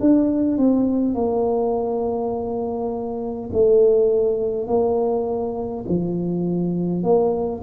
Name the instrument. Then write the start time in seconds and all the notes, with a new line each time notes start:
tuba
0.00 D4
0.57 C4
1.14 A#3
3.52 A3
4.67 A#3
5.88 F3
7.03 A#3